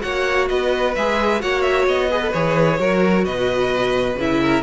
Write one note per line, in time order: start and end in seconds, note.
0.00 0.50 A#3
0.00 0.92 F#4
0.00 0.49 C#5
0.00 0.48 F#5
0.48 0.96 B3
0.48 1.41 B4
0.48 0.94 D#5
0.95 1.42 G#3
0.95 1.39 G#4
0.95 1.41 E5
1.39 1.87 A#3
1.39 2.09 F#4
1.39 2.09 C#5
1.39 1.62 F#5
1.62 1.85 E5
1.87 2.33 B3
1.87 2.32 D#5
2.09 2.21 G#4
2.09 2.78 B4
2.21 2.33 A4
2.32 2.79 E3
2.32 2.79 G#4
2.32 3.24 C#5
2.79 3.25 F#3
2.79 4.17 F#4
2.79 3.25 A#4
3.25 4.15 B2
3.25 4.40 B4
3.25 4.17 D#5
4.15 4.62 C#3
4.15 4.62 E4
4.15 4.62 E5
4.41 4.62 A#4